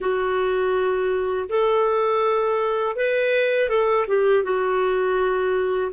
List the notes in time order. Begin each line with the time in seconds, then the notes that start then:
0.00 F#4
1.48 A4
2.96 B4
3.69 A4
4.07 G4
4.43 F#4